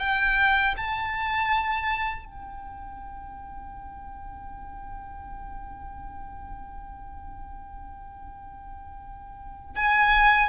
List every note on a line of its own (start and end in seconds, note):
0.00 0.75 G5
0.77 2.25 A5
2.25 9.75 G5
9.76 10.49 G#5